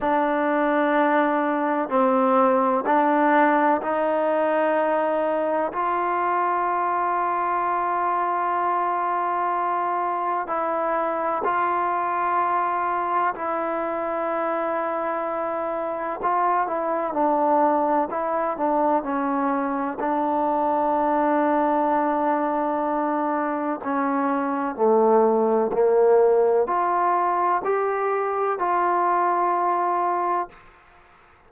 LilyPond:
\new Staff \with { instrumentName = "trombone" } { \time 4/4 \tempo 4 = 63 d'2 c'4 d'4 | dis'2 f'2~ | f'2. e'4 | f'2 e'2~ |
e'4 f'8 e'8 d'4 e'8 d'8 | cis'4 d'2.~ | d'4 cis'4 a4 ais4 | f'4 g'4 f'2 | }